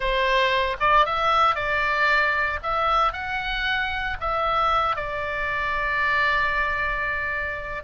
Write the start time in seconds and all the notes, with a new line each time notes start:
0.00 C5
0.80 D5
1.05 E5
1.55 D5
2.63 E5
3.12 F#5
4.20 E5
4.95 D5